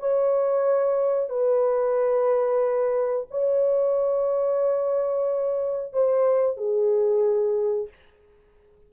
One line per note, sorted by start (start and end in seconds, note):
0.00 1.30 C#5
1.30 3.28 B4
3.31 5.93 C#5
5.93 6.57 C5
6.57 7.89 G#4